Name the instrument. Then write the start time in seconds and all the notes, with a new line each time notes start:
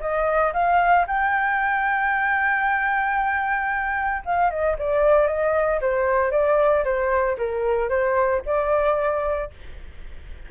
flute
0.00 D#5
0.53 F5
1.07 G5
4.25 F5
4.50 D#5
4.78 D5
5.27 D#5
5.81 C5
6.31 D5
6.84 C5
7.37 A#4
7.89 C5
8.45 D5